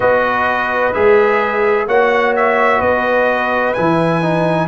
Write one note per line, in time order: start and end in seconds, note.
0.00 0.94 B3
0.00 0.93 F#4
0.00 1.87 B4
0.00 0.93 D#5
0.93 1.86 G#3
0.93 1.87 G#4
0.93 1.87 E5
1.86 2.80 A#3
1.86 3.75 F#4
1.86 2.78 C#5
1.86 2.34 F#5
2.36 2.81 E5
2.78 3.74 B3
2.78 4.65 B4
2.78 3.73 D#5
3.73 4.67 E3
3.73 4.22 E4
3.73 4.67 G#5
4.22 4.67 D#4